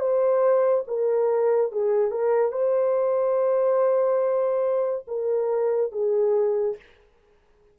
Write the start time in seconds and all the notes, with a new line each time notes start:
0.00 C5
0.88 A#4
1.72 G#4
2.11 A#4
2.52 C5
5.08 A#4
5.92 G#4